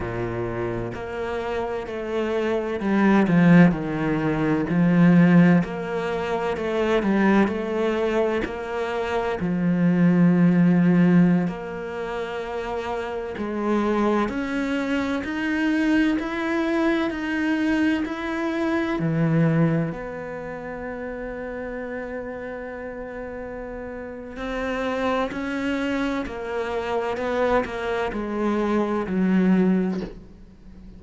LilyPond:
\new Staff \with { instrumentName = "cello" } { \time 4/4 \tempo 4 = 64 ais,4 ais4 a4 g8 f8 | dis4 f4 ais4 a8 g8 | a4 ais4 f2~ | f16 ais2 gis4 cis'8.~ |
cis'16 dis'4 e'4 dis'4 e'8.~ | e'16 e4 b2~ b8.~ | b2 c'4 cis'4 | ais4 b8 ais8 gis4 fis4 | }